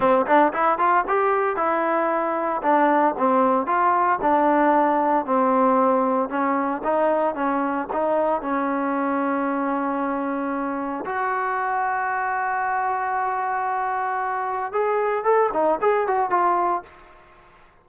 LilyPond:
\new Staff \with { instrumentName = "trombone" } { \time 4/4 \tempo 4 = 114 c'8 d'8 e'8 f'8 g'4 e'4~ | e'4 d'4 c'4 f'4 | d'2 c'2 | cis'4 dis'4 cis'4 dis'4 |
cis'1~ | cis'4 fis'2.~ | fis'1 | gis'4 a'8 dis'8 gis'8 fis'8 f'4 | }